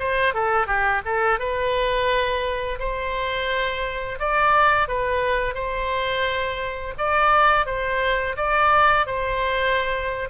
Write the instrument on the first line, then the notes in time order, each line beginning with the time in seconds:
oboe
0.00 C5
0.35 A4
0.67 G4
1.06 A4
1.40 B4
2.80 C5
4.20 D5
4.88 B4
5.55 C5
6.98 D5
7.66 C5
8.37 D5
9.07 C5